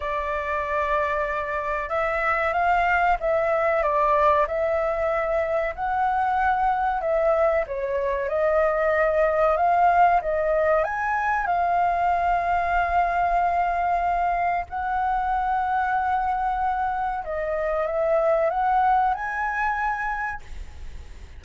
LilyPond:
\new Staff \with { instrumentName = "flute" } { \time 4/4 \tempo 4 = 94 d''2. e''4 | f''4 e''4 d''4 e''4~ | e''4 fis''2 e''4 | cis''4 dis''2 f''4 |
dis''4 gis''4 f''2~ | f''2. fis''4~ | fis''2. dis''4 | e''4 fis''4 gis''2 | }